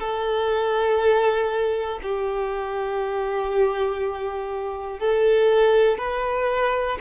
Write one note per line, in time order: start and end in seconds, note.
0.00 2.00 A4
2.02 5.00 G4
5.00 5.98 A4
5.98 6.98 B4